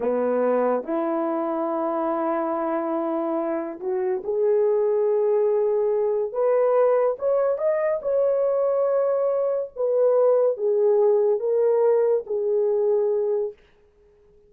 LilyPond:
\new Staff \with { instrumentName = "horn" } { \time 4/4 \tempo 4 = 142 b2 e'2~ | e'1~ | e'4 fis'4 gis'2~ | gis'2. b'4~ |
b'4 cis''4 dis''4 cis''4~ | cis''2. b'4~ | b'4 gis'2 ais'4~ | ais'4 gis'2. | }